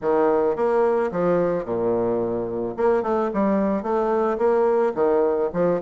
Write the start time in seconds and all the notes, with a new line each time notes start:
0.01 D#3
0.56 A#3
1.11 F3
1.64 A#2
2.76 A#3
3.03 A3
3.33 G3
3.82 A3
4.38 A#3
4.94 D#3
5.53 F3